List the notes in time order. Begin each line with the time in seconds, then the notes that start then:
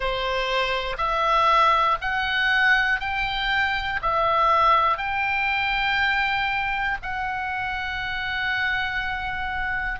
0.00 C5
0.97 E5
2.00 F#5
3.00 G5
4.02 E5
4.97 G5
7.02 F#5